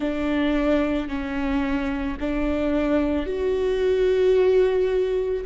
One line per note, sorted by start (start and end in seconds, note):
0.00 1.08 D4
1.08 2.17 C#4
2.20 3.26 D4
3.26 5.44 F#4